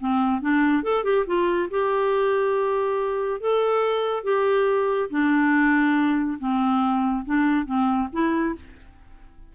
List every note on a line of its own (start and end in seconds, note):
0.00 0.41 C4
0.41 0.83 D4
0.83 1.04 A4
1.04 1.25 G4
1.26 1.69 F4
1.70 3.41 G4
3.41 4.24 A4
4.24 5.09 G4
5.10 6.38 D4
6.39 7.25 C4
7.25 7.66 D4
7.66 8.09 C4
8.12 8.55 E4